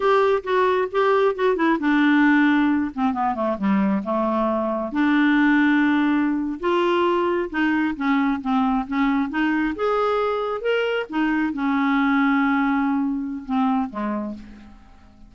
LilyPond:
\new Staff \with { instrumentName = "clarinet" } { \time 4/4 \tempo 4 = 134 g'4 fis'4 g'4 fis'8 e'8 | d'2~ d'8 c'8 b8 a8 | g4 a2 d'4~ | d'2~ d'8. f'4~ f'16~ |
f'8. dis'4 cis'4 c'4 cis'16~ | cis'8. dis'4 gis'2 ais'16~ | ais'8. dis'4 cis'2~ cis'16~ | cis'2 c'4 gis4 | }